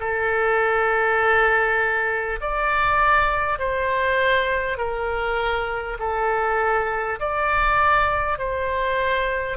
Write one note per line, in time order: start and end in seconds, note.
0.00 2.40 A4
2.41 3.59 D5
3.59 4.78 C5
4.78 5.98 A#4
5.99 7.19 A4
7.19 8.38 D5
8.38 9.57 C5